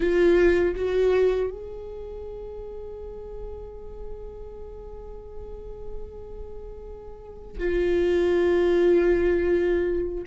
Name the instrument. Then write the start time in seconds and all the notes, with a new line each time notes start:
viola
0.00 F4
0.75 F#4
1.50 G#4
7.58 F4